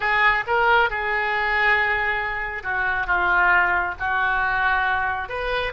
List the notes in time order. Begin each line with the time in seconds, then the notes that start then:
0.00 G#4
0.46 A#4
0.89 G#4
2.63 F#4
3.06 F4
3.99 F#4
5.28 B4